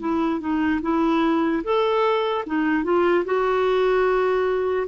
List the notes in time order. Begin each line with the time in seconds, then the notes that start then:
0.00 E4
0.40 D#4
0.82 E4
1.64 A4
2.47 D#4
2.84 F4
3.25 F#4